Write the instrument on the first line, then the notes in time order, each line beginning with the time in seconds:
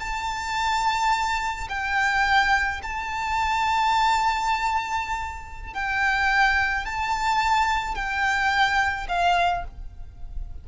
violin
0.00 A5
1.69 G5
2.83 A5
5.74 G5
6.86 A5
7.95 G5
9.09 F5